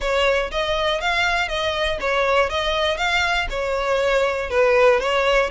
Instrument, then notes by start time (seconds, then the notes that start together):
violin
0.00 C#5
0.51 D#5
1.00 F5
1.48 D#5
2.00 C#5
2.49 D#5
2.97 F5
3.50 C#5
4.50 B4
5.00 C#5